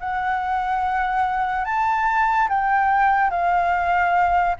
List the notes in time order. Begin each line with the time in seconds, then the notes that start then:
0.00 F#5
1.65 A5
2.49 G5
3.31 F5